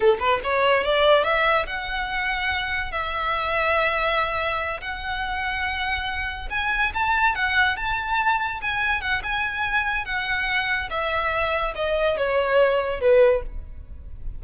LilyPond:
\new Staff \with { instrumentName = "violin" } { \time 4/4 \tempo 4 = 143 a'8 b'8 cis''4 d''4 e''4 | fis''2. e''4~ | e''2.~ e''8 fis''8~ | fis''2.~ fis''8 gis''8~ |
gis''8 a''4 fis''4 a''4.~ | a''8 gis''4 fis''8 gis''2 | fis''2 e''2 | dis''4 cis''2 b'4 | }